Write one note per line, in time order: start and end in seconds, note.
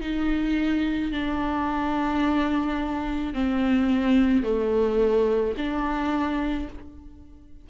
0.00 1.11 D#4
1.11 3.33 D4
3.33 4.43 C4
4.43 5.54 A3
5.57 6.68 D4